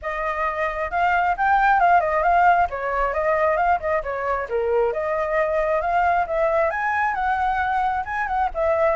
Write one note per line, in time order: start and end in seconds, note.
0.02 0.91 D#5
0.91 1.35 F5
1.37 1.80 G5
1.80 2.00 F5
2.00 2.22 D#5
2.22 2.67 F5
2.69 3.13 C#5
3.13 3.57 D#5
3.57 3.79 F5
3.79 4.02 D#5
4.03 4.48 C#5
4.49 4.92 A#4
4.92 5.81 D#5
5.81 6.25 F5
6.26 6.70 E5
6.70 7.14 G#5
7.14 8.04 F#5
8.05 8.27 G#5
8.27 8.49 F#5
8.54 8.96 E5